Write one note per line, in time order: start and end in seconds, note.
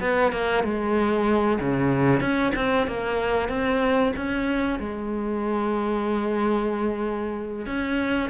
0.00 0.32 B3
0.32 0.64 A#3
0.64 1.59 G#3
1.60 2.21 C#3
2.21 2.52 C#4
2.55 2.87 C4
2.87 3.49 A#3
3.49 4.13 C4
4.16 4.79 C#4
4.79 7.66 G#3
7.66 8.29 C#4